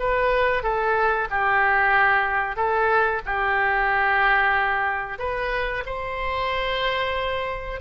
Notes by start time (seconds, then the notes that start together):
0.00 B4
0.64 A4
1.30 G4
2.57 A4
3.26 G4
5.19 B4
5.86 C5